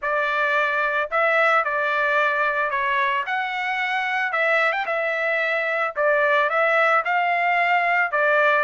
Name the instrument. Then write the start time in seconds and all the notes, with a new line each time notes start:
trumpet
0.01 D5
1.10 E5
1.64 D5
2.70 C#5
3.26 F#5
4.32 E5
4.72 G5
4.86 E5
5.96 D5
6.49 E5
7.04 F5
8.11 D5